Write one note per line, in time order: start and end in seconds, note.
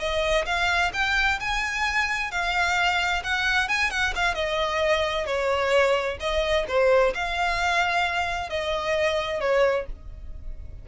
0.00 0.46 D#5
0.46 0.92 F5
0.94 1.39 G5
1.40 2.32 G#5
2.32 3.23 F5
3.24 3.69 F#5
3.69 3.91 G#5
3.91 4.14 F#5
4.16 4.35 F5
4.35 5.26 D#5
5.26 6.18 C#5
6.20 6.66 D#5
6.68 7.14 C5
7.15 8.50 F5
8.50 9.41 D#5
9.41 9.86 C#5